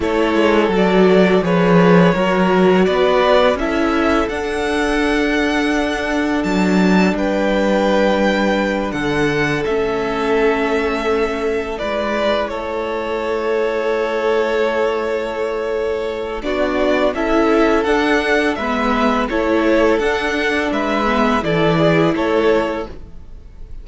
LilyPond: <<
  \new Staff \with { instrumentName = "violin" } { \time 4/4 \tempo 4 = 84 cis''4 d''4 cis''2 | d''4 e''4 fis''2~ | fis''4 a''4 g''2~ | g''8 fis''4 e''2~ e''8~ |
e''8 d''4 cis''2~ cis''8~ | cis''2. d''4 | e''4 fis''4 e''4 cis''4 | fis''4 e''4 d''4 cis''4 | }
  \new Staff \with { instrumentName = "violin" } { \time 4/4 a'2 b'4 ais'4 | b'4 a'2.~ | a'2 b'2~ | b'8 a'2.~ a'8~ |
a'8 b'4 a'2~ a'8~ | a'2. fis'4 | a'2 b'4 a'4~ | a'4 b'4 a'8 gis'8 a'4 | }
  \new Staff \with { instrumentName = "viola" } { \time 4/4 e'4 fis'4 gis'4 fis'4~ | fis'4 e'4 d'2~ | d'1~ | d'4. cis'2~ cis'8~ |
cis'8 e'2.~ e'8~ | e'2. d'4 | e'4 d'4 b4 e'4 | d'4. b8 e'2 | }
  \new Staff \with { instrumentName = "cello" } { \time 4/4 a8 gis8 fis4 f4 fis4 | b4 cis'4 d'2~ | d'4 fis4 g2~ | g8 d4 a2~ a8~ |
a8 gis4 a2~ a8~ | a2. b4 | cis'4 d'4 gis4 a4 | d'4 gis4 e4 a4 | }
>>